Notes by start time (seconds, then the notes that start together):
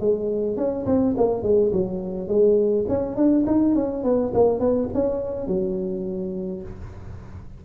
0.00 G#3
0.57 C#4
0.86 C4
1.17 A#3
1.43 G#3
1.72 F#3
2.28 G#3
2.88 C#4
3.16 D4
3.47 D#4
3.75 C#4
4.04 B3
4.34 A#3
4.59 B3
4.94 C#4
5.47 F#3